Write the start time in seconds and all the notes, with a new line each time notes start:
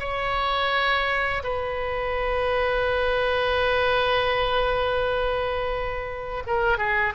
0.00 C#5
1.44 B4
6.47 A#4
6.78 G#4